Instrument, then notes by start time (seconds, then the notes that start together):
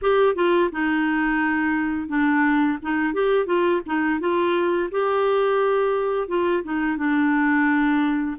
clarinet
0.01 G4
0.35 F4
0.72 D#4
2.08 D4
2.82 D#4
3.13 G4
3.46 F4
3.86 D#4
4.20 F4
4.91 G4
6.28 F4
6.63 D#4
6.97 D4